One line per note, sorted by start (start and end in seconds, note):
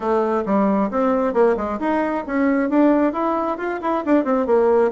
0.00 0.44 A3
0.45 0.90 G3
0.90 1.33 C4
1.33 1.56 A#3
1.57 1.79 G#3
1.79 2.24 D#4
2.26 2.69 C#4
2.69 3.12 D4
3.12 3.57 E4
3.57 3.79 F4
3.81 4.04 E4
4.05 4.24 D4
4.24 4.46 C4
4.46 4.91 A#3